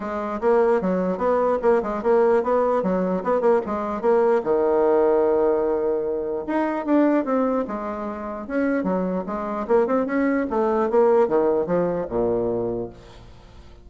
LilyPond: \new Staff \with { instrumentName = "bassoon" } { \time 4/4 \tempo 4 = 149 gis4 ais4 fis4 b4 | ais8 gis8 ais4 b4 fis4 | b8 ais8 gis4 ais4 dis4~ | dis1 |
dis'4 d'4 c'4 gis4~ | gis4 cis'4 fis4 gis4 | ais8 c'8 cis'4 a4 ais4 | dis4 f4 ais,2 | }